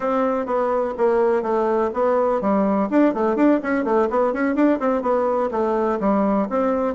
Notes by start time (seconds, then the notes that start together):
0.00 C4
0.46 B3
0.97 A#3
1.42 A3
1.93 B3
2.41 G3
2.90 D4
3.14 A3
3.36 D4
3.62 C#4
3.84 A3
4.10 B3
4.33 C#4
4.55 D4
4.79 C4
5.01 B3
5.51 A3
6.00 G3
6.49 C4